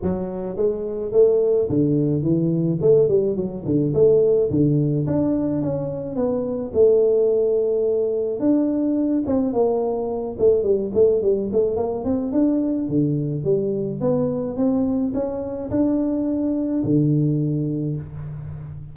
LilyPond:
\new Staff \with { instrumentName = "tuba" } { \time 4/4 \tempo 4 = 107 fis4 gis4 a4 d4 | e4 a8 g8 fis8 d8 a4 | d4 d'4 cis'4 b4 | a2. d'4~ |
d'8 c'8 ais4. a8 g8 a8 | g8 a8 ais8 c'8 d'4 d4 | g4 b4 c'4 cis'4 | d'2 d2 | }